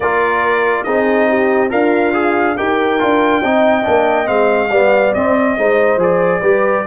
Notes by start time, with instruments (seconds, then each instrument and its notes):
0.00 tuba A#3, trombone F4, horn A#4, trumpet D5
0.83 tuba C4, trombone D#4, horn G#4, trumpet D#5
1.28 horn G4
1.69 tuba D4, horn F4, trombone A#4, trumpet F5
2.13 trombone G#4
2.56 tuba D#4, trombone G4, horn A#4, trumpet G5
2.99 tuba D4, trombone F4
3.42 tuba C4, trombone D#4, horn D#5
3.82 tuba A#3, trombone D4
4.25 tuba G#3, trombone C4, trumpet F5
4.70 tuba G3, trombone B3, horn D5
5.14 tuba C4, trombone C4, trumpet D#5
5.57 tuba G#3, trombone D#4, horn C5
5.96 tuba F3, trombone G#4, trumpet D5
6.40 tuba G3, trombone G4, horn B4